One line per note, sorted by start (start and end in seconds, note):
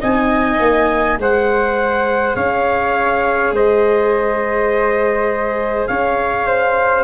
0.00 0.60 C4
0.00 1.18 D#4
0.00 1.18 D#5
0.00 1.20 G#5
0.60 1.18 A#3
1.18 2.36 G#3
1.18 7.04 G#4
1.18 2.36 C5
1.18 2.36 F#5
2.36 3.52 C#4
2.36 3.54 C#5
2.36 3.54 F5
3.52 5.87 G#3
3.52 5.89 C5
3.52 5.87 D#5
5.87 7.04 C#4
5.87 6.47 C#5
5.87 7.04 F5
6.47 7.04 C5